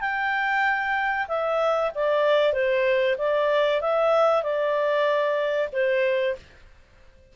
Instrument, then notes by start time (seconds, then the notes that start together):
clarinet
0.00 G5
1.28 E5
1.94 D5
2.53 C5
3.18 D5
3.81 E5
4.43 D5
5.72 C5